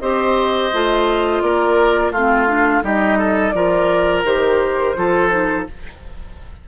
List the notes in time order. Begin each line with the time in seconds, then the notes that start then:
0.00 C4 G4 C5 D#5
0.73 A3 F4
1.41 A#3 A#4 D5
2.11 A3 C4 F4 F5
2.47 D4
2.82 G3 D#4 G4 D#5
3.18 A4
3.50 F3 F4 A#4 D5
4.24 D#3 G4 C5
4.95 F3 F4 A4
5.30 D#4